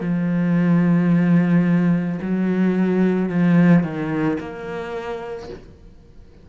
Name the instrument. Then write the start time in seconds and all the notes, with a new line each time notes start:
cello
0.00 F3
2.21 F#3
3.29 F3
3.83 D#3
4.40 A#3